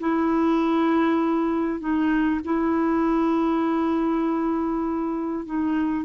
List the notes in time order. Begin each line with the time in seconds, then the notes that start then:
0.00 E4
1.80 D#4
2.45 E4
5.46 D#4